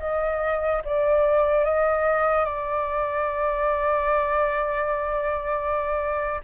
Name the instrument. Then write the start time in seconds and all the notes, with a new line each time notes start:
flute
0.00 D#5
0.85 D5
1.65 D#5
2.45 D5